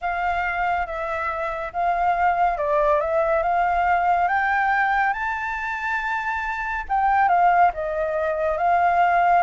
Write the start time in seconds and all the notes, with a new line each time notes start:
0.01 F5
0.86 E5
1.72 F5
2.57 D5
3.00 E5
3.42 F5
4.28 G5
5.13 A5
6.88 G5
7.28 F5
7.73 D#5
8.57 F5